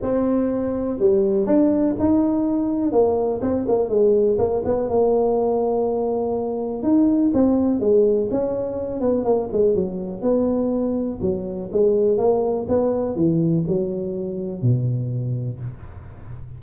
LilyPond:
\new Staff \with { instrumentName = "tuba" } { \time 4/4 \tempo 4 = 123 c'2 g4 d'4 | dis'2 ais4 c'8 ais8 | gis4 ais8 b8 ais2~ | ais2 dis'4 c'4 |
gis4 cis'4. b8 ais8 gis8 | fis4 b2 fis4 | gis4 ais4 b4 e4 | fis2 b,2 | }